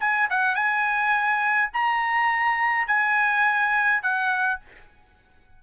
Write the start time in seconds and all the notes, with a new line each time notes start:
0.00 G#5
0.30 F#5
0.55 G#5
1.73 A#5
2.87 G#5
4.02 F#5